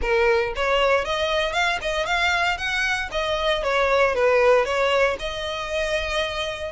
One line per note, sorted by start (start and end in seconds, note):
0.01 0.53 A#4
0.55 1.05 C#5
1.05 1.53 D#5
1.53 1.78 F5
1.81 2.05 D#5
2.05 2.57 F5
2.57 3.09 F#5
3.11 3.63 D#5
3.63 4.14 C#5
4.14 4.65 B4
4.65 5.17 C#5
5.19 6.71 D#5